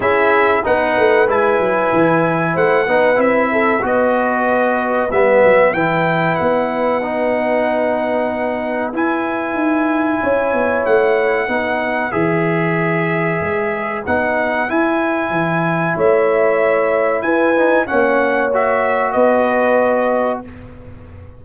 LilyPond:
<<
  \new Staff \with { instrumentName = "trumpet" } { \time 4/4 \tempo 4 = 94 e''4 fis''4 gis''2 | fis''4 e''4 dis''2 | e''4 g''4 fis''2~ | fis''2 gis''2~ |
gis''4 fis''2 e''4~ | e''2 fis''4 gis''4~ | gis''4 e''2 gis''4 | fis''4 e''4 dis''2 | }
  \new Staff \with { instrumentName = "horn" } { \time 4/4 gis'4 b'2. | c''8 b'4 a'8 b'2~ | b'1~ | b'1 |
cis''2 b'2~ | b'1~ | b'4 cis''2 b'4 | cis''2 b'2 | }
  \new Staff \with { instrumentName = "trombone" } { \time 4/4 e'4 dis'4 e'2~ | e'8 dis'8 e'4 fis'2 | b4 e'2 dis'4~ | dis'2 e'2~ |
e'2 dis'4 gis'4~ | gis'2 dis'4 e'4~ | e'2.~ e'8 dis'8 | cis'4 fis'2. | }
  \new Staff \with { instrumentName = "tuba" } { \time 4/4 cis'4 b8 a8 gis8 fis8 e4 | a8 b8 c'4 b2 | g8 fis8 e4 b2~ | b2 e'4 dis'4 |
cis'8 b8 a4 b4 e4~ | e4 gis4 b4 e'4 | e4 a2 e'4 | ais2 b2 | }
>>